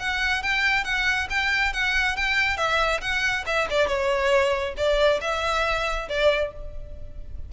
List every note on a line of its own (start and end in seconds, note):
0.00 0.43 F#5
0.43 0.85 G5
0.85 1.28 F#5
1.30 1.74 G5
1.74 2.16 F#5
2.16 2.58 G5
2.58 3.01 E5
3.01 3.45 F#5
3.47 3.68 E5
3.71 3.88 D5
3.88 4.75 C#5
4.77 5.21 D5
5.22 6.08 E5
6.09 6.53 D5